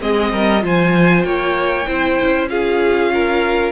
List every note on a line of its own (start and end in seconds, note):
0.00 0.32 G#3
0.00 0.60 C4
0.00 0.32 G#4
0.00 0.64 D#5
0.32 0.63 G3
0.32 0.63 A#4
0.60 1.24 F3
0.60 1.84 F4
0.60 1.25 C5
0.60 1.22 G#5
1.22 1.86 A#3
1.22 1.87 C#5
1.22 2.46 G5
1.87 2.19 C4
1.87 2.49 E4
1.87 2.49 C5
2.22 3.72 C#4
2.49 3.72 F4
2.49 3.12 G#4
2.49 3.72 F5
3.14 3.72 A#4